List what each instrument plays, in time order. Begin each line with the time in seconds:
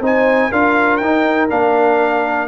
0.00 tuba C4, trombone D#4, horn C5, trumpet G#5
0.49 tuba D4, trombone F4, horn A#4, trumpet F5
0.97 tuba D#4, trombone D#4, trumpet G5
1.49 tuba A#3, trombone D4, trumpet F5